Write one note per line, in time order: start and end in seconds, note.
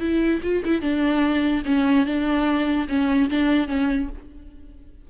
0.00 0.41 E4
0.43 0.63 F4
0.65 0.82 E4
0.82 1.63 D4
1.66 2.06 C#4
2.06 2.88 D4
2.89 3.30 C#4
3.30 3.68 D4
3.68 4.09 C#4